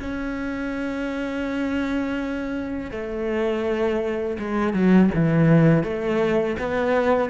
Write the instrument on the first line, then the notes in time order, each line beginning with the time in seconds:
cello
0.00 C#4
2.91 A3
4.39 G#3
4.73 F#3
5.14 E3
5.83 A3
6.59 B3